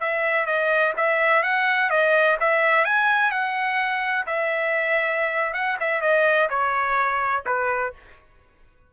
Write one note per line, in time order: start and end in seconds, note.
0.00 0.46 E5
0.46 0.93 D#5
0.97 1.43 E5
1.43 1.90 F#5
1.90 2.37 D#5
2.40 2.85 E5
2.85 3.31 G#5
3.31 4.26 F#5
4.26 5.54 E5
5.54 5.77 F#5
5.80 6.01 E5
6.01 6.49 D#5
6.49 7.44 C#5
7.46 7.93 B4